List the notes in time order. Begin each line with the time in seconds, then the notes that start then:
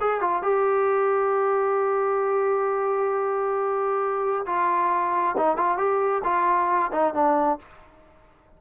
0.00 G#4
0.21 F4
0.42 G4
4.46 F4
5.37 D#4
5.57 F4
5.77 G4
6.24 F4
6.92 D#4
7.14 D4